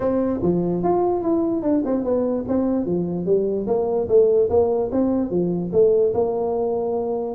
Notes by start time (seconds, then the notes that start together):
0.00 C4
0.42 F3
0.83 F4
1.22 E4
1.62 D4
1.85 C4
2.04 B3
2.47 C4
2.85 F3
3.25 G3
3.66 A#3
4.08 A3
4.49 A#3
4.91 C4
5.30 F3
5.72 A3
6.14 A#3